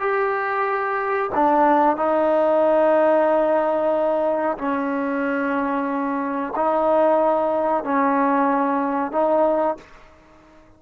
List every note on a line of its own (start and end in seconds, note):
0.00 1.30 G4
1.35 1.97 D4
1.97 4.58 D#4
4.58 6.54 C#4
6.56 7.84 D#4
7.84 9.12 C#4
9.12 9.77 D#4